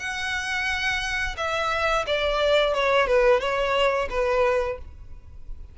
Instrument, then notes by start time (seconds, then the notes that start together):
violin
0.00 F#5
1.38 E5
2.07 D5
2.75 C#5
3.07 B4
3.41 C#5
4.10 B4